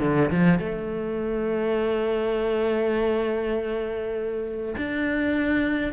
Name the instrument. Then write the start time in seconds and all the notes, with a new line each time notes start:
cello
0.00 D3
0.30 F3
0.59 A3
4.77 D4